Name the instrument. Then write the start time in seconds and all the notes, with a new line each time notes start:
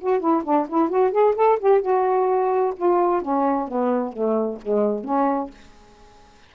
saxophone
0.00 F#4
0.19 E4
0.43 D4
0.68 E4
0.89 F#4
1.11 G#4
1.35 A4
1.59 G4
1.81 F#4
2.76 F4
3.21 C#4
3.67 B3
4.12 A3
4.62 G#3
5.04 C#4